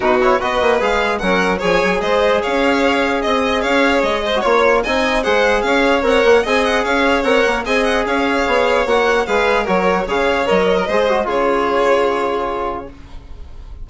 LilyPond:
<<
  \new Staff \with { instrumentName = "violin" } { \time 4/4 \tempo 4 = 149 b'8 cis''8 dis''4 f''4 fis''4 | gis''4 dis''4 f''2 | dis''4 f''4 dis''4 cis''4 | gis''4 fis''4 f''4 fis''4 |
gis''8 fis''8 f''4 fis''4 gis''8 fis''8 | f''2 fis''4 f''4 | cis''4 f''4 dis''2 | cis''1 | }
  \new Staff \with { instrumentName = "violin" } { \time 4/4 fis'4 b'2 ais'4 | cis''4 c''4 cis''2 | dis''4 cis''4. c''8 cis''4 | dis''4 c''4 cis''2 |
dis''4 cis''2 dis''4 | cis''2. b'4 | ais'4 cis''4.~ cis''16 ais'16 c''4 | gis'1 | }
  \new Staff \with { instrumentName = "trombone" } { \time 4/4 dis'8 e'8 fis'4 gis'4 cis'4 | gis'1~ | gis'2~ gis'8. fis'16 f'4 | dis'4 gis'2 ais'4 |
gis'2 ais'4 gis'4~ | gis'2 fis'4 gis'4 | fis'4 gis'4 ais'4 gis'8 fis'8 | f'1 | }
  \new Staff \with { instrumentName = "bassoon" } { \time 4/4 b,4 b8 ais8 gis4 fis4 | f8 fis8 gis4 cis'2 | c'4 cis'4 gis4 ais4 | c'4 gis4 cis'4 c'8 ais8 |
c'4 cis'4 c'8 ais8 c'4 | cis'4 b4 ais4 gis4 | fis4 cis4 fis4 gis4 | cis1 | }
>>